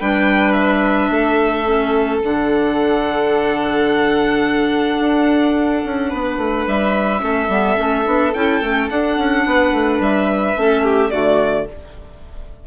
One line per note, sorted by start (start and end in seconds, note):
0.00 1.10 G3
0.00 1.66 D4
0.00 1.11 B4
0.00 0.53 G5
0.53 2.19 E5
1.10 2.21 A3
1.10 6.10 A4
1.66 2.22 C#4
2.24 5.00 D3
2.24 7.20 D4
2.24 6.68 F#5
5.00 5.84 D4
5.85 6.13 C#4
6.10 6.38 B3
6.10 7.21 B4
6.38 6.66 A3
6.67 7.22 G3
6.67 8.34 E5
7.20 7.49 A3
7.20 7.47 C#4
7.20 9.46 A4
7.49 7.77 G3
7.49 7.77 B3
7.77 8.06 A3
7.77 8.05 C#4
8.05 8.34 B3
8.05 8.33 D4
8.34 8.61 C#4
8.34 8.63 E4
8.34 8.89 G5
8.61 8.89 A3
8.61 8.90 C#4
8.90 10.56 D4
8.90 9.18 D4
8.90 10.01 F#5
9.18 9.45 C#4
9.46 9.72 B3
9.46 10.60 B4
9.72 10.00 A3
10.00 10.55 G3
10.00 11.11 E5
10.56 11.12 A3
10.56 11.11 C#4
10.56 10.84 A4
10.84 11.11 G4
11.11 11.67 D3
11.11 11.67 A3
11.11 11.68 F#4
11.11 11.66 D5